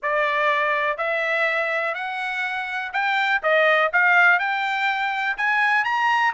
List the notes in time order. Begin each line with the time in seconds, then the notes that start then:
0.02 D5
0.97 E5
1.94 F#5
2.92 G5
3.43 D#5
3.93 F5
4.39 G5
5.37 G#5
5.84 A#5